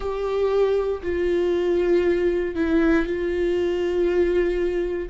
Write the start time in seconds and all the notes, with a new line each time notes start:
0.00 G4
1.02 F4
2.55 E4
3.06 F4